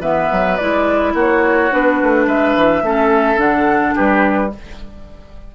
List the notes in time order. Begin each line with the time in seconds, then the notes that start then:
0.00 E3 B3 B4 E5
0.32 F#3
0.57 G#3 E4 D5
1.14 A#3 F#4 C#5
1.71 B3 D4 B4
2.02 A3
2.27 G#3 B4 E5
2.56 E3
2.82 A3 C#4 A4
3.37 D3 D4 F#5
3.95 G3 G4 B4